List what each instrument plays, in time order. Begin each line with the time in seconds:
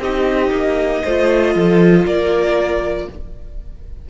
0.00 cello C4, viola D#4, violin G4 D#5
0.52 cello A#3
1.04 cello A3, viola F4, violin C5
1.56 cello F3, violin A4
2.05 cello A#3, violin A#4 D5